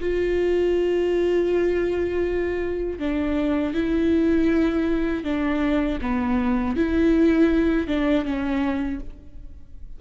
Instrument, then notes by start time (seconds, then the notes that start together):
viola
0.00 F4
2.99 D4
3.74 E4
5.24 D4
6.01 B3
6.76 E4
7.88 D4
8.25 C#4